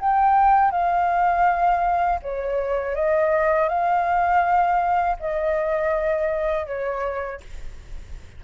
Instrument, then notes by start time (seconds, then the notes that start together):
flute
0.00 G5
0.71 F5
2.22 C#5
2.95 D#5
3.69 F5
5.20 D#5
6.66 C#5